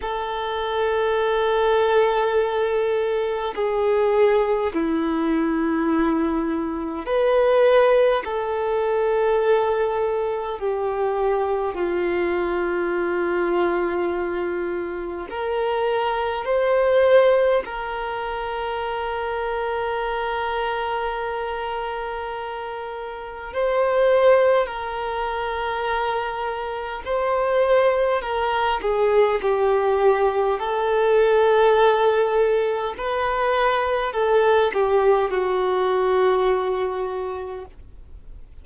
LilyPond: \new Staff \with { instrumentName = "violin" } { \time 4/4 \tempo 4 = 51 a'2. gis'4 | e'2 b'4 a'4~ | a'4 g'4 f'2~ | f'4 ais'4 c''4 ais'4~ |
ais'1 | c''4 ais'2 c''4 | ais'8 gis'8 g'4 a'2 | b'4 a'8 g'8 fis'2 | }